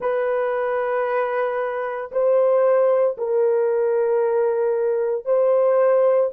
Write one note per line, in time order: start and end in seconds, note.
0.00 2.11 B4
2.11 3.16 C5
3.17 5.25 A#4
5.25 6.30 C5